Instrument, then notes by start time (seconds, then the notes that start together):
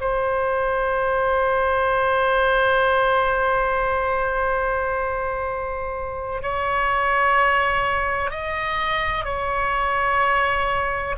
oboe
0.00 C5
6.42 C#5
8.30 D#5
9.25 C#5